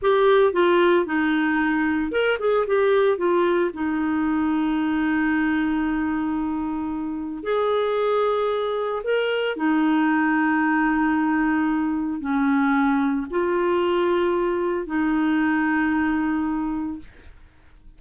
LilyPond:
\new Staff \with { instrumentName = "clarinet" } { \time 4/4 \tempo 4 = 113 g'4 f'4 dis'2 | ais'8 gis'8 g'4 f'4 dis'4~ | dis'1~ | dis'2 gis'2~ |
gis'4 ais'4 dis'2~ | dis'2. cis'4~ | cis'4 f'2. | dis'1 | }